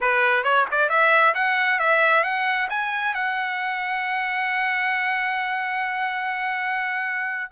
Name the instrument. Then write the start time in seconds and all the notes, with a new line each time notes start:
trumpet
0.00 B4
0.43 C#5
0.71 D5
0.89 E5
1.34 F#5
1.79 E5
2.23 F#5
2.69 G#5
3.14 F#5